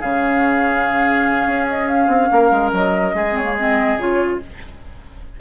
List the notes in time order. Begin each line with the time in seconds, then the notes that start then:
0.00 C#3 C#4 G#4 F5
1.46 C#4
1.69 D#5
1.87 F5
2.07 C4
2.32 A#3 A#4
2.51 G#3
2.72 F#3 D#5
3.13 G#3 G#4
3.31 C4 C#5
3.43 A#3
3.59 C4 D#5
3.96 C#3 F4 C#5